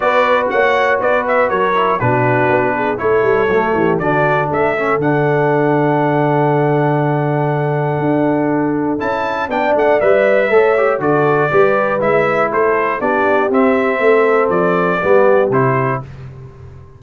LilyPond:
<<
  \new Staff \with { instrumentName = "trumpet" } { \time 4/4 \tempo 4 = 120 d''4 fis''4 d''8 e''8 cis''4 | b'2 cis''2 | d''4 e''4 fis''2~ | fis''1~ |
fis''2 a''4 g''8 fis''8 | e''2 d''2 | e''4 c''4 d''4 e''4~ | e''4 d''2 c''4 | }
  \new Staff \with { instrumentName = "horn" } { \time 4/4 b'4 cis''4 b'4 ais'4 | fis'4. gis'8 a'4. g'8 | fis'4 a'2.~ | a'1~ |
a'2. d''4~ | d''4 cis''4 a'4 b'4~ | b'4 a'4 g'2 | a'2 g'2 | }
  \new Staff \with { instrumentName = "trombone" } { \time 4/4 fis'2.~ fis'8 e'8 | d'2 e'4 a4 | d'4. cis'8 d'2~ | d'1~ |
d'2 e'4 d'4 | b'4 a'8 g'8 fis'4 g'4 | e'2 d'4 c'4~ | c'2 b4 e'4 | }
  \new Staff \with { instrumentName = "tuba" } { \time 4/4 b4 ais4 b4 fis4 | b,4 b4 a8 g8 fis8 e8 | d4 a4 d2~ | d1 |
d'2 cis'4 b8 a8 | g4 a4 d4 g4 | gis4 a4 b4 c'4 | a4 f4 g4 c4 | }
>>